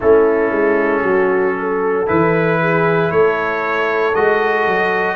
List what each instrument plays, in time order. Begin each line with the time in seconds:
0.00 tuba A3, trombone C#4, horn E4, trumpet A4
0.51 tuba G#3
1.02 tuba F#3, horn F#4
1.59 horn A4
2.06 tuba E3, trombone E4, trumpet B4
2.61 horn G#4
3.11 tuba A3, horn A4, trumpet C#5
4.14 tuba G#3, trombone F#4, trumpet D#5
4.67 tuba F#3